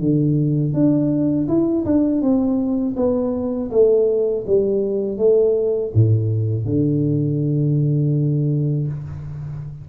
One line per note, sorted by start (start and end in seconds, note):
0.00 0.74 D3
0.74 1.48 D4
1.48 1.85 E4
1.85 2.22 D4
2.22 2.96 C4
2.97 3.71 B3
3.71 4.45 A3
4.47 5.18 G3
5.18 5.92 A3
5.94 6.65 A2
6.65 8.88 D3